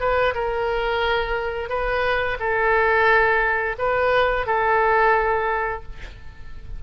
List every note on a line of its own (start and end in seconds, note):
0.00 0.34 B4
0.34 1.69 A#4
1.69 2.37 B4
2.39 3.76 A4
3.78 4.46 B4
4.46 5.83 A4